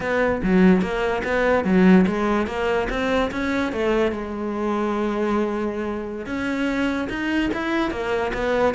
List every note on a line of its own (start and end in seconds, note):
0.00 0.41 B3
0.43 0.81 F#3
0.81 1.22 A#3
1.24 1.64 B3
1.64 2.05 F#3
2.06 2.47 G#3
2.47 2.88 A#3
2.89 3.30 C4
3.31 3.72 C#4
3.72 4.11 A3
4.11 6.26 G#3
6.26 7.08 C#4
7.09 7.50 D#4
7.53 7.91 E4
7.91 8.32 A#3
8.33 8.74 B3